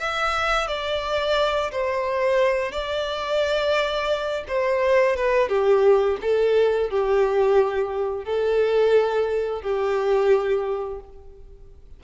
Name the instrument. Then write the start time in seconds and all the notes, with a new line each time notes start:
violin
0.00 E5
0.68 D5
1.72 C5
2.72 D5
4.48 C5
5.16 B4
5.49 G4
6.22 A4
6.91 G4
8.25 A4
9.62 G4